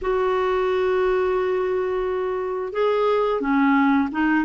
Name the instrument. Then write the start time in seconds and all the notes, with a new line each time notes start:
clarinet
0.01 F#4
2.73 G#4
3.40 C#4
4.11 D#4